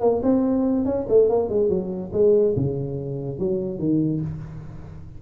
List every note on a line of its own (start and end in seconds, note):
0.00 0.21 A#3
0.23 0.85 C4
0.85 1.06 C#4
1.09 1.29 A3
1.29 1.49 A#3
1.49 1.69 G#3
1.69 2.11 F#3
2.12 2.54 G#3
2.56 3.39 C#3
3.39 3.78 F#3
3.78 4.20 D#3